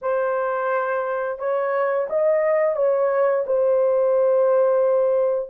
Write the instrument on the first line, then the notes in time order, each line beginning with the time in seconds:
horn
0.01 C5
1.38 C#5
2.09 D#5
2.76 C#5
3.46 C5